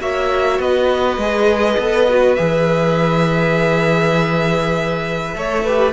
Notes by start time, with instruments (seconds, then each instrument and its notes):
0.00 cello A#3, viola F#4, violin C#5 E5
0.59 cello B3, violin B4 D#5
1.17 cello G#3, viola G#4
1.78 cello B3, viola A4
2.09 viola F#4
2.35 cello E3, viola G#4, violin E5
5.34 cello A3, viola A4, violin C#5
5.64 viola G4, violin B4